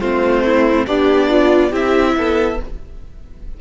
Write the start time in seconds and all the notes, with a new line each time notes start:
0.00 A3 C4 F4 C5
0.45 E4
0.86 B3 D4 G4 D5
1.29 F4
1.69 C4 E4 G4 E5
2.16 B3 A4